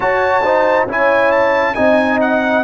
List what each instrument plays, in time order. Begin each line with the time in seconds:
0.00 trombone F#4, tuba F#4, horn C#5, trumpet A5
0.43 trombone D#4, horn C5
0.87 tuba C#4, trombone E4, horn C#5, trumpet G#5
1.31 trumpet A5
1.74 tuba C4, trombone D#4, horn D#5, trumpet G#5
2.20 trumpet F#5